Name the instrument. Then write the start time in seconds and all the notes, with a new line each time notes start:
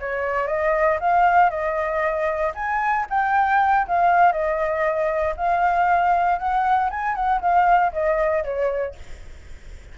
flute
0.00 C#5
0.47 D#5
1.00 F5
1.50 D#5
2.55 G#5
3.10 G5
3.88 F5
4.32 D#5
5.37 F5
6.39 F#5
6.90 G#5
7.15 F#5
7.41 F5
7.93 D#5
8.44 C#5